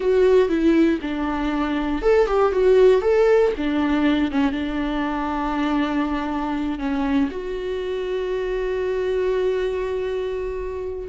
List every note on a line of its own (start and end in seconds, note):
0.00 0.48 F#4
0.48 0.99 E4
1.01 2.02 D4
2.02 2.26 A4
2.26 2.52 G4
2.52 3.01 F#4
3.01 3.52 A4
3.57 4.31 D4
4.31 4.51 C#4
4.51 6.78 D4
6.79 7.29 C#4
7.30 11.08 F#4